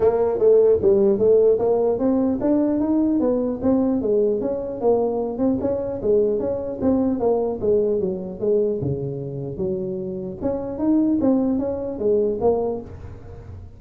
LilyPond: \new Staff \with { instrumentName = "tuba" } { \time 4/4 \tempo 4 = 150 ais4 a4 g4 a4 | ais4 c'4 d'4 dis'4 | b4 c'4 gis4 cis'4 | ais4. c'8 cis'4 gis4 |
cis'4 c'4 ais4 gis4 | fis4 gis4 cis2 | fis2 cis'4 dis'4 | c'4 cis'4 gis4 ais4 | }